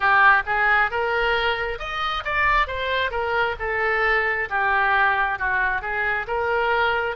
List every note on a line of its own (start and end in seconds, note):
0.00 0.42 G4
0.46 0.90 G#4
0.90 1.79 A#4
1.79 2.23 D#5
2.24 2.67 D5
2.67 3.10 C5
3.10 3.55 A#4
3.59 4.48 A4
4.49 5.39 G4
5.39 5.81 F#4
5.81 6.26 G#4
6.27 7.16 A#4